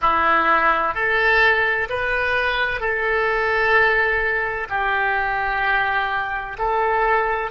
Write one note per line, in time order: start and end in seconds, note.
0.01 0.94 E4
0.94 1.87 A4
1.89 2.80 B4
2.80 4.67 A4
4.69 6.57 G4
6.58 7.50 A4